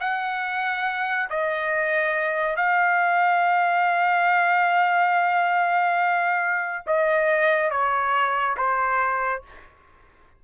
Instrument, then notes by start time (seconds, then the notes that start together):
trumpet
0.00 F#5
1.30 D#5
2.56 F5
6.86 D#5
7.70 C#5
8.57 C5